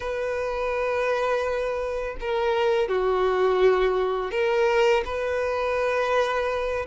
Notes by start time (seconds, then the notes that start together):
0.00 B4
2.20 A#4
2.88 F#4
4.31 A#4
5.05 B4